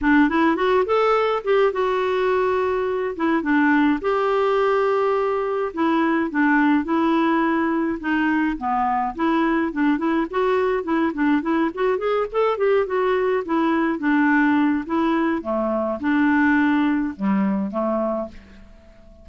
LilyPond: \new Staff \with { instrumentName = "clarinet" } { \time 4/4 \tempo 4 = 105 d'8 e'8 fis'8 a'4 g'8 fis'4~ | fis'4. e'8 d'4 g'4~ | g'2 e'4 d'4 | e'2 dis'4 b4 |
e'4 d'8 e'8 fis'4 e'8 d'8 | e'8 fis'8 gis'8 a'8 g'8 fis'4 e'8~ | e'8 d'4. e'4 a4 | d'2 g4 a4 | }